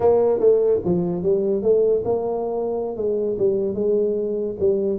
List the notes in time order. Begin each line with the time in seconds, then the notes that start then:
0.00 A#3
0.39 A3
0.84 F3
1.22 G3
1.62 A3
2.04 A#3
2.96 G#3
3.38 G3
3.74 G#3
4.59 G3